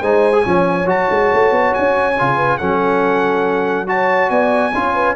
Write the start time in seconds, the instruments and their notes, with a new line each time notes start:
0.00 tuba G#3, trombone D#4, horn C5, trumpet G#5
0.32 trombone G#4
0.44 tuba F3, trombone C#4, horn C#5
0.85 tuba F#3, trombone F#4, trumpet A5
1.10 tuba G#3
1.33 tuba A3
1.51 tuba B3
1.74 tuba C#4, trumpet G#5
2.18 tuba C#3, trombone F4
2.36 horn B4
2.57 tuba F#3, trombone C#4, horn A4, trumpet F#5
3.87 trombone F#4, horn C#5, trumpet A5
4.30 tuba B3, horn D5, trumpet G#5
4.73 tuba C#4, trombone F4, horn C#5
4.94 horn B4